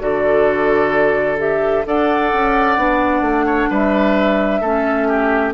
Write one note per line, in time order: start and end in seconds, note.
0.00 1.86 D3
0.00 1.38 F#4
0.00 1.87 A4
0.00 1.38 D5
1.38 1.84 G4
1.38 1.86 E5
1.86 2.32 D4
1.86 2.78 A4
1.86 3.46 D5
1.86 3.72 F#5
2.33 2.77 C#4
2.77 3.21 B3
2.77 4.62 D4
3.21 3.67 A3
3.46 3.69 C#5
3.70 4.61 G3
3.70 4.61 B4
3.70 5.54 E5
4.61 5.53 A3
4.61 5.54 C#4
4.61 5.07 A4
5.08 5.54 G4